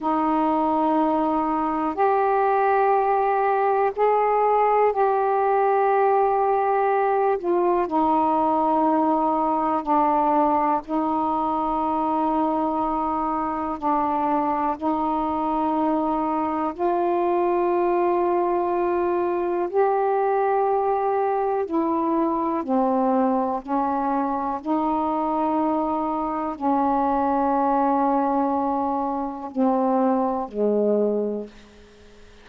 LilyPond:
\new Staff \with { instrumentName = "saxophone" } { \time 4/4 \tempo 4 = 61 dis'2 g'2 | gis'4 g'2~ g'8 f'8 | dis'2 d'4 dis'4~ | dis'2 d'4 dis'4~ |
dis'4 f'2. | g'2 e'4 c'4 | cis'4 dis'2 cis'4~ | cis'2 c'4 gis4 | }